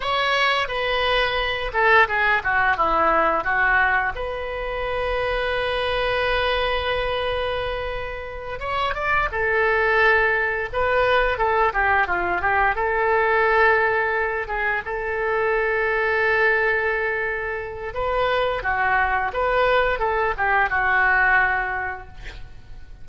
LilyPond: \new Staff \with { instrumentName = "oboe" } { \time 4/4 \tempo 4 = 87 cis''4 b'4. a'8 gis'8 fis'8 | e'4 fis'4 b'2~ | b'1~ | b'8 cis''8 d''8 a'2 b'8~ |
b'8 a'8 g'8 f'8 g'8 a'4.~ | a'4 gis'8 a'2~ a'8~ | a'2 b'4 fis'4 | b'4 a'8 g'8 fis'2 | }